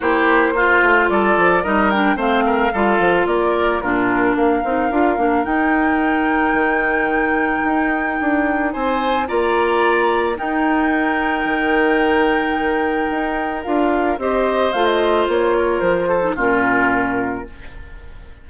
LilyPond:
<<
  \new Staff \with { instrumentName = "flute" } { \time 4/4 \tempo 4 = 110 c''2 d''4 dis''8 g''8 | f''2 d''4 ais'4 | f''2 g''2~ | g''1 |
gis''4 ais''2 g''4~ | g''1~ | g''4 f''4 dis''4 f''16 dis''8. | cis''4 c''4 ais'2 | }
  \new Staff \with { instrumentName = "oboe" } { \time 4/4 g'4 f'4 a'4 ais'4 | c''8 ais'8 a'4 ais'4 f'4 | ais'1~ | ais'1 |
c''4 d''2 ais'4~ | ais'1~ | ais'2 c''2~ | c''8 ais'4 a'8 f'2 | }
  \new Staff \with { instrumentName = "clarinet" } { \time 4/4 e'4 f'2 dis'8 d'8 | c'4 f'2 d'4~ | d'8 dis'8 f'8 d'8 dis'2~ | dis'1~ |
dis'4 f'2 dis'4~ | dis'1~ | dis'4 f'4 g'4 f'4~ | f'4.~ f'16 dis'16 cis'2 | }
  \new Staff \with { instrumentName = "bassoon" } { \time 4/4 ais4. a8 g8 f8 g4 | a4 g8 f8 ais4 ais,4 | ais8 c'8 d'8 ais8 dis'2 | dis2 dis'4 d'4 |
c'4 ais2 dis'4~ | dis'4 dis2. | dis'4 d'4 c'4 a4 | ais4 f4 ais,2 | }
>>